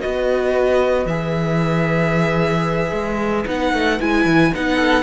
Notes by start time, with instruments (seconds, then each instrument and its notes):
0.00 cello B3, viola F#4, violin B4 D#5
1.05 cello E3, viola G#4, violin E5
2.92 cello G#3
3.45 cello B3, viola D#4, violin F#5
3.73 cello A3
4.01 cello G#3, viola E4, violin G#5
4.25 cello E3
4.54 cello B3, viola D#4, violin F#5
4.76 violin A4